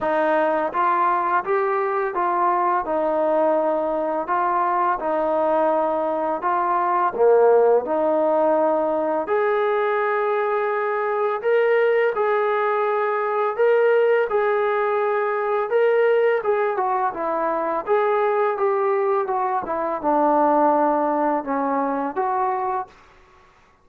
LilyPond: \new Staff \with { instrumentName = "trombone" } { \time 4/4 \tempo 4 = 84 dis'4 f'4 g'4 f'4 | dis'2 f'4 dis'4~ | dis'4 f'4 ais4 dis'4~ | dis'4 gis'2. |
ais'4 gis'2 ais'4 | gis'2 ais'4 gis'8 fis'8 | e'4 gis'4 g'4 fis'8 e'8 | d'2 cis'4 fis'4 | }